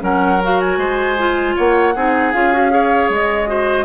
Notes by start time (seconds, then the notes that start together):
0.00 F#3 C#4 A#4 F#5
0.43 F#4 F5
0.60 G#5
0.78 G#3 C5
1.18 F4
1.56 A#3 C#5 F#5
1.95 C4 D#4 G#4
2.33 C#4 F4 F5
2.53 F#4
2.70 G#4 C#5
3.09 G#3 D#5
3.46 F#4 C5